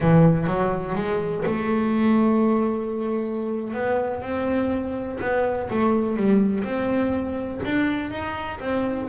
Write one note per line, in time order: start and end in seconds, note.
0.00 0.47 E3
0.47 0.95 F#3
0.95 1.43 G#3
1.45 3.73 A3
3.73 4.22 B3
4.22 5.18 C4
5.20 5.69 B3
5.70 6.16 A3
6.16 6.64 G3
6.64 7.60 C4
7.64 8.10 D4
8.10 8.59 D#4
8.60 9.08 C4